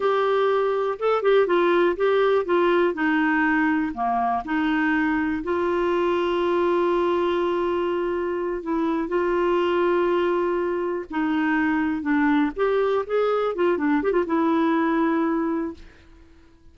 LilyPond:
\new Staff \with { instrumentName = "clarinet" } { \time 4/4 \tempo 4 = 122 g'2 a'8 g'8 f'4 | g'4 f'4 dis'2 | ais4 dis'2 f'4~ | f'1~ |
f'4. e'4 f'4.~ | f'2~ f'8 dis'4.~ | dis'8 d'4 g'4 gis'4 f'8 | d'8 g'16 f'16 e'2. | }